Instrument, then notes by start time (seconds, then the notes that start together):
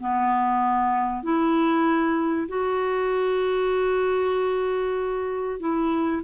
clarinet
0.00 B3
1.23 E4
2.48 F#4
5.60 E4